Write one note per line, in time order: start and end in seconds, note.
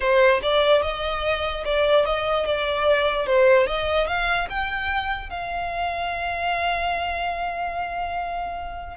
0.00 0.40 C5
0.42 0.82 D5
0.82 1.64 D#5
1.64 2.05 D5
2.05 2.45 D#5
2.45 3.26 D5
3.26 3.66 C5
3.66 4.07 D#5
4.07 4.48 F5
4.49 5.29 G5
5.29 8.96 F5